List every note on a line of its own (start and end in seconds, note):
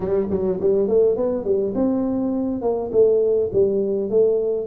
0.00 0.27 G3
0.30 0.59 F#3
0.60 0.88 G3
0.88 1.16 A3
1.16 1.44 B3
1.44 1.73 G3
1.74 2.61 C4
2.61 2.90 A#3
2.92 3.50 A3
3.52 4.09 G3
4.09 4.66 A3